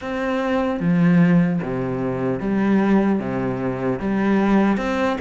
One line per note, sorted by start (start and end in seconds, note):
0.01 0.80 C4
0.80 1.60 F3
1.62 2.40 C3
2.40 3.19 G3
3.19 3.99 C3
3.99 4.77 G3
4.77 5.17 C4